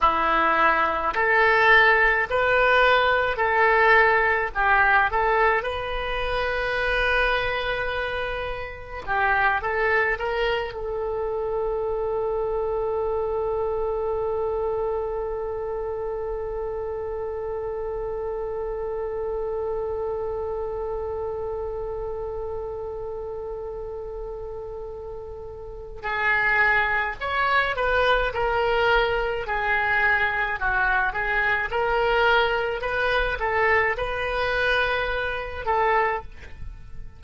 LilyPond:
\new Staff \with { instrumentName = "oboe" } { \time 4/4 \tempo 4 = 53 e'4 a'4 b'4 a'4 | g'8 a'8 b'2. | g'8 a'8 ais'8 a'2~ a'8~ | a'1~ |
a'1~ | a'2. gis'4 | cis''8 b'8 ais'4 gis'4 fis'8 gis'8 | ais'4 b'8 a'8 b'4. a'8 | }